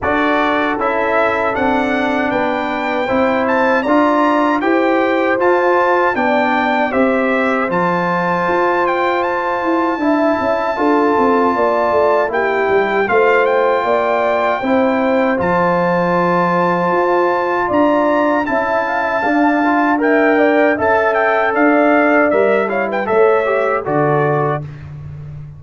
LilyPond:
<<
  \new Staff \with { instrumentName = "trumpet" } { \time 4/4 \tempo 4 = 78 d''4 e''4 fis''4 g''4~ | g''8 a''8 ais''4 g''4 a''4 | g''4 e''4 a''4. g''8 | a''1 |
g''4 f''8 g''2~ g''8 | a''2. ais''4 | a''2 g''4 a''8 g''8 | f''4 e''8 f''16 g''16 e''4 d''4 | }
  \new Staff \with { instrumentName = "horn" } { \time 4/4 a'2. b'4 | c''4 d''4 c''2 | d''4 c''2.~ | c''4 e''4 a'4 d''4 |
g'4 c''4 d''4 c''4~ | c''2. d''4 | e''8 f''16 e''16 f''4 e''8 d''8 e''4 | d''4. cis''16 b'16 cis''4 a'4 | }
  \new Staff \with { instrumentName = "trombone" } { \time 4/4 fis'4 e'4 d'2 | e'4 f'4 g'4 f'4 | d'4 g'4 f'2~ | f'4 e'4 f'2 |
e'4 f'2 e'4 | f'1 | e'4 d'8 f'8 ais'4 a'4~ | a'4 ais'8 e'8 a'8 g'8 fis'4 | }
  \new Staff \with { instrumentName = "tuba" } { \time 4/4 d'4 cis'4 c'4 b4 | c'4 d'4 e'4 f'4 | b4 c'4 f4 f'4~ | f'8 e'8 d'8 cis'8 d'8 c'8 ais8 a8 |
ais8 g8 a4 ais4 c'4 | f2 f'4 d'4 | cis'4 d'2 cis'4 | d'4 g4 a4 d4 | }
>>